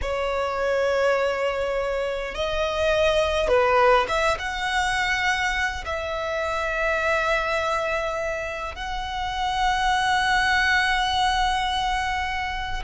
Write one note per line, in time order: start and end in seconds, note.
0.01 2.34 C#5
2.34 3.48 D#5
3.48 4.06 B4
4.08 4.37 E5
4.38 5.84 F#5
5.85 8.75 E5
8.75 12.82 F#5